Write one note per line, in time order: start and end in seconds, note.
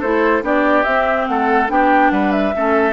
0.00 0.42 A3
0.00 0.42 E4
0.00 0.42 A4
0.00 0.43 C5
0.42 0.85 B3
0.42 0.85 D4
0.42 1.29 G4
0.42 0.83 D5
0.83 1.28 C4
0.83 1.68 C4
0.83 1.26 E5
1.27 1.69 A3
1.27 1.72 A4
1.27 1.69 F#5
1.68 2.11 B3
1.68 2.53 D4
1.68 2.12 G4
1.68 2.11 G5
2.11 2.53 G3
2.11 2.55 B4
2.11 2.32 F#5
2.32 2.93 E5
2.56 2.93 A3
2.56 2.93 C#4
2.56 2.93 A4